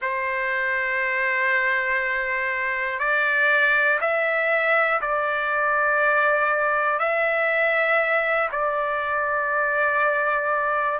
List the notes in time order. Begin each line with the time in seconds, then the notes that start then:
0.01 C5
2.99 D5
4.00 E5
5.00 D5
6.99 E5
8.51 D5